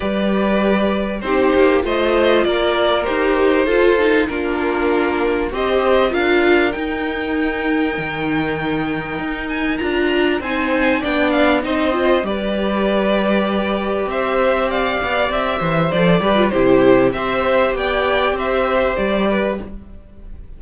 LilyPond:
<<
  \new Staff \with { instrumentName = "violin" } { \time 4/4 \tempo 4 = 98 d''2 c''4 dis''4 | d''4 c''2 ais'4~ | ais'4 dis''4 f''4 g''4~ | g''2.~ g''8 gis''8 |
ais''4 gis''4 g''8 f''8 dis''4 | d''2. e''4 | f''4 e''4 d''4 c''4 | e''4 g''4 e''4 d''4 | }
  \new Staff \with { instrumentName = "violin" } { \time 4/4 b'2 g'4 c''4 | ais'2 a'4 f'4~ | f'4 c''4 ais'2~ | ais'1~ |
ais'4 c''4 d''4 c''4 | b'2. c''4 | d''4. c''4 b'8 g'4 | c''4 d''4 c''4. b'8 | }
  \new Staff \with { instrumentName = "viola" } { \time 4/4 g'2 dis'4 f'4~ | f'4 g'4 f'8 dis'8 d'4~ | d'4 g'4 f'4 dis'4~ | dis'1 |
f'4 dis'4 d'4 dis'8 f'8 | g'1~ | g'2 a'8 g'16 f'16 e'4 | g'1 | }
  \new Staff \with { instrumentName = "cello" } { \time 4/4 g2 c'8 ais8 a4 | ais4 dis'4 f'4 ais4~ | ais4 c'4 d'4 dis'4~ | dis'4 dis2 dis'4 |
d'4 c'4 b4 c'4 | g2. c'4~ | c'8 b8 c'8 e8 f8 g8 c4 | c'4 b4 c'4 g4 | }
>>